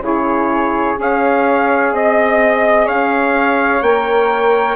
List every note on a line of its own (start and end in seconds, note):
0.00 0.95 C#3
0.00 0.96 E4
0.00 0.99 G#4
0.00 1.00 C#5
0.96 1.93 C#4
0.96 3.81 G#4
0.96 1.94 C#5
0.96 1.96 F5
1.93 2.88 C4
1.93 2.86 D#5
1.93 2.88 D#5
2.86 3.82 C#4
2.86 4.76 C#5
2.86 3.83 F5
3.82 4.76 A#3
3.82 4.76 A#4
3.82 4.76 G5